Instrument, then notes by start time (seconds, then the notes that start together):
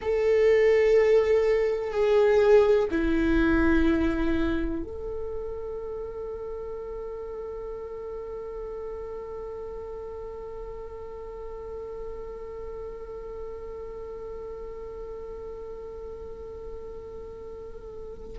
viola
0.01 A4
1.91 G#4
2.90 E4
4.83 A4